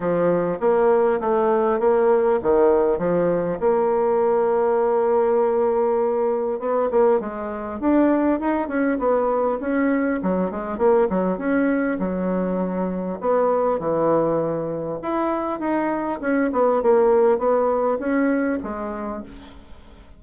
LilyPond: \new Staff \with { instrumentName = "bassoon" } { \time 4/4 \tempo 4 = 100 f4 ais4 a4 ais4 | dis4 f4 ais2~ | ais2. b8 ais8 | gis4 d'4 dis'8 cis'8 b4 |
cis'4 fis8 gis8 ais8 fis8 cis'4 | fis2 b4 e4~ | e4 e'4 dis'4 cis'8 b8 | ais4 b4 cis'4 gis4 | }